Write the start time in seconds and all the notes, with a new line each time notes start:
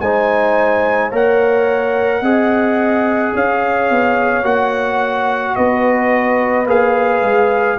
0.00 G#3 D#4 C5 G#5
1.09 A#3 A#4 C#5
1.15 F#5
2.21 C4 G#4 D#5
3.34 C#4 C#5 F5
3.89 B3
4.42 A#3 F#4 F#5
5.55 B3 B4 D#5
6.66 A#3 G#4 F5
7.21 G#3